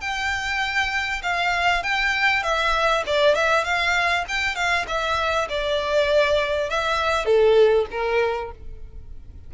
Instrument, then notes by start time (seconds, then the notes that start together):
violin
0.00 G5
1.22 F5
1.83 G5
2.43 E5
3.06 D5
3.35 E5
3.64 F5
4.28 G5
4.55 F5
4.87 E5
5.49 D5
6.69 E5
7.25 A4
7.91 A#4